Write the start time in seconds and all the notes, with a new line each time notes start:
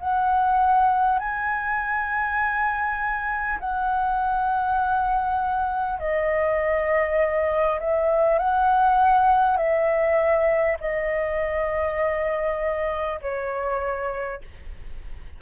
0.00 F#5
1.19 G#5
3.60 F#5
5.99 D#5
7.80 E5
8.38 F#5
9.57 E5
10.81 D#5
13.22 C#5